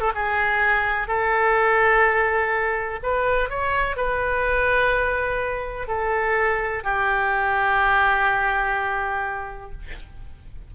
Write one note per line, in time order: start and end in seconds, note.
0.00 0.12 A4
0.14 1.07 G#4
1.07 2.99 A4
3.03 3.49 B4
3.49 3.96 C#5
3.96 5.87 B4
5.87 6.83 A4
6.83 9.71 G4